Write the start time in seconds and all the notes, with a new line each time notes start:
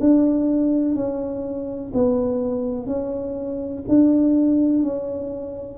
0.00 D4
0.96 C#4
1.94 B3
2.87 C#4
3.89 D4
4.83 C#4